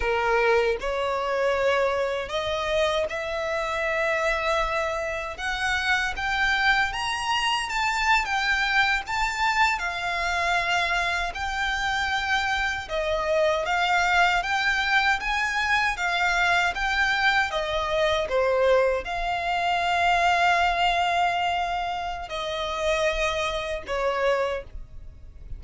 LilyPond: \new Staff \with { instrumentName = "violin" } { \time 4/4 \tempo 4 = 78 ais'4 cis''2 dis''4 | e''2. fis''4 | g''4 ais''4 a''8. g''4 a''16~ | a''8. f''2 g''4~ g''16~ |
g''8. dis''4 f''4 g''4 gis''16~ | gis''8. f''4 g''4 dis''4 c''16~ | c''8. f''2.~ f''16~ | f''4 dis''2 cis''4 | }